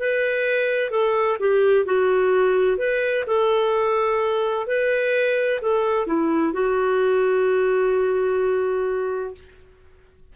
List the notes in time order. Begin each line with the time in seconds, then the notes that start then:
0.00 B4
0.91 A4
1.40 G4
1.86 F#4
2.78 B4
3.27 A4
4.67 B4
5.62 A4
6.07 E4
6.54 F#4